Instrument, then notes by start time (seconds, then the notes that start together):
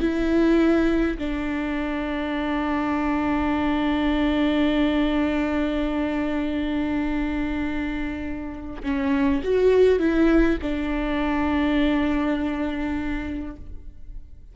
viola
0.00 E4
1.18 D4
8.83 C#4
9.44 F#4
9.99 E4
10.62 D4